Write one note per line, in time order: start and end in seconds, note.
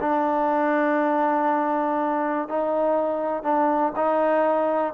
0.00 2.48 D4
2.48 3.43 D#4
3.43 3.93 D4
3.95 4.93 D#4